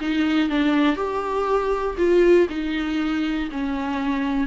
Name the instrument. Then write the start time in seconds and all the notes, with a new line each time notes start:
viola
0.00 D#4
0.49 D4
0.95 G4
1.97 F4
2.49 D#4
3.50 C#4